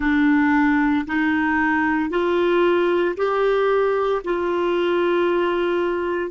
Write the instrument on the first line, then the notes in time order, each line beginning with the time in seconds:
clarinet
0.00 D4
1.06 D#4
2.10 F4
3.16 G4
4.24 F4